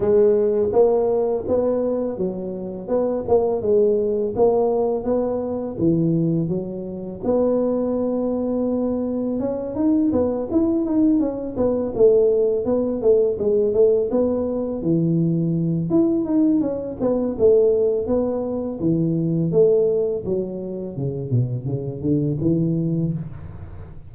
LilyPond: \new Staff \with { instrumentName = "tuba" } { \time 4/4 \tempo 4 = 83 gis4 ais4 b4 fis4 | b8 ais8 gis4 ais4 b4 | e4 fis4 b2~ | b4 cis'8 dis'8 b8 e'8 dis'8 cis'8 |
b8 a4 b8 a8 gis8 a8 b8~ | b8 e4. e'8 dis'8 cis'8 b8 | a4 b4 e4 a4 | fis4 cis8 b,8 cis8 d8 e4 | }